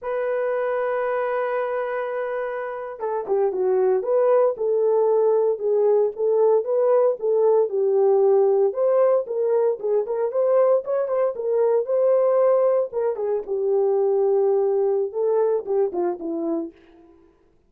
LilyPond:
\new Staff \with { instrumentName = "horn" } { \time 4/4 \tempo 4 = 115 b'1~ | b'4.~ b'16 a'8 g'8 fis'4 b'16~ | b'8. a'2 gis'4 a'16~ | a'8. b'4 a'4 g'4~ g'16~ |
g'8. c''4 ais'4 gis'8 ais'8 c''16~ | c''8. cis''8 c''8 ais'4 c''4~ c''16~ | c''8. ais'8 gis'8 g'2~ g'16~ | g'4 a'4 g'8 f'8 e'4 | }